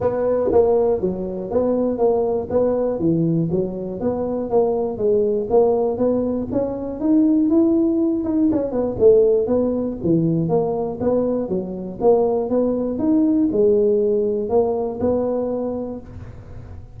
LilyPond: \new Staff \with { instrumentName = "tuba" } { \time 4/4 \tempo 4 = 120 b4 ais4 fis4 b4 | ais4 b4 e4 fis4 | b4 ais4 gis4 ais4 | b4 cis'4 dis'4 e'4~ |
e'8 dis'8 cis'8 b8 a4 b4 | e4 ais4 b4 fis4 | ais4 b4 dis'4 gis4~ | gis4 ais4 b2 | }